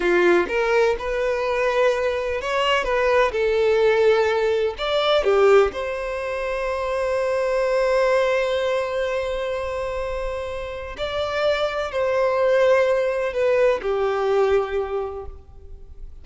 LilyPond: \new Staff \with { instrumentName = "violin" } { \time 4/4 \tempo 4 = 126 f'4 ais'4 b'2~ | b'4 cis''4 b'4 a'4~ | a'2 d''4 g'4 | c''1~ |
c''1~ | c''2. d''4~ | d''4 c''2. | b'4 g'2. | }